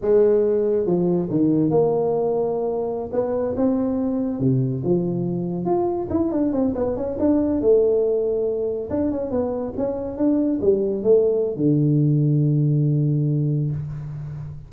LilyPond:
\new Staff \with { instrumentName = "tuba" } { \time 4/4 \tempo 4 = 140 gis2 f4 dis4 | ais2.~ ais16 b8.~ | b16 c'2 c4 f8.~ | f4~ f16 f'4 e'8 d'8 c'8 b16~ |
b16 cis'8 d'4 a2~ a16~ | a8. d'8 cis'8 b4 cis'4 d'16~ | d'8. g4 a4~ a16 d4~ | d1 | }